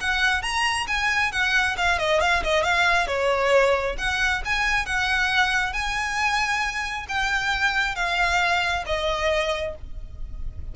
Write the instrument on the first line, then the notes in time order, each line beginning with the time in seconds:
violin
0.00 F#5
0.42 A#5
0.87 G#5
1.32 F#5
1.77 F5
1.98 D#5
2.20 F5
2.43 D#5
2.63 F5
3.07 C#5
3.98 F#5
4.45 G#5
4.86 F#5
5.73 G#5
7.08 G5
7.95 F5
8.86 D#5